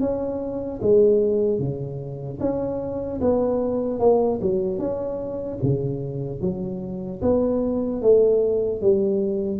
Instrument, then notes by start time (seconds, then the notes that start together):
tuba
0.00 C#4
0.81 G#3
1.59 C#3
2.40 C#4
3.21 B3
3.99 A#3
4.41 F#3
4.79 C#4
5.62 C#3
6.41 F#3
7.21 B3
8.01 A3
8.81 G3